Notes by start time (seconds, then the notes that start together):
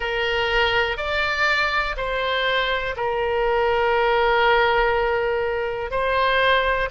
0.00 A#4
0.97 D5
1.97 C5
2.96 A#4
5.91 C5